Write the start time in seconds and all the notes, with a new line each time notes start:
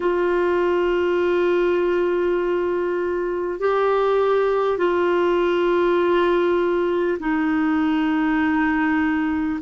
0.00 F4
3.59 G4
4.78 F4
7.19 D#4